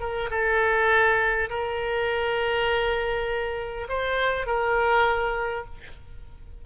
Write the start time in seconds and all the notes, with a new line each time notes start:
0.00 A#4
0.31 A4
1.50 A#4
3.89 C5
4.46 A#4